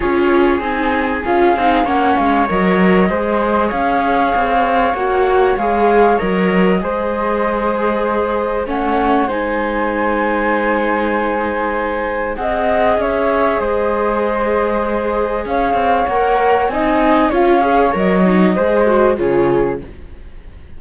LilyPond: <<
  \new Staff \with { instrumentName = "flute" } { \time 4/4 \tempo 4 = 97 cis''4 gis''4 f''4 fis''8 f''8 | dis''2 f''2 | fis''4 f''4 dis''2~ | dis''2 fis''4 gis''4~ |
gis''1 | fis''4 e''4 dis''2~ | dis''4 f''4 fis''4 gis''4 | f''4 dis''2 cis''4 | }
  \new Staff \with { instrumentName = "flute" } { \time 4/4 gis'2. cis''4~ | cis''4 c''4 cis''2~ | cis''2. c''4~ | c''2 cis''4 c''4~ |
c''1 | dis''4 cis''4 c''2~ | c''4 cis''2 dis''4 | cis''2 c''4 gis'4 | }
  \new Staff \with { instrumentName = "viola" } { \time 4/4 f'4 dis'4 f'8 dis'8 cis'4 | ais'4 gis'2. | fis'4 gis'4 ais'4 gis'4~ | gis'2 cis'4 dis'4~ |
dis'1 | gis'1~ | gis'2 ais'4 dis'4 | f'8 gis'8 ais'8 dis'8 gis'8 fis'8 f'4 | }
  \new Staff \with { instrumentName = "cello" } { \time 4/4 cis'4 c'4 cis'8 c'8 ais8 gis8 | fis4 gis4 cis'4 c'4 | ais4 gis4 fis4 gis4~ | gis2 a4 gis4~ |
gis1 | c'4 cis'4 gis2~ | gis4 cis'8 c'8 ais4 c'4 | cis'4 fis4 gis4 cis4 | }
>>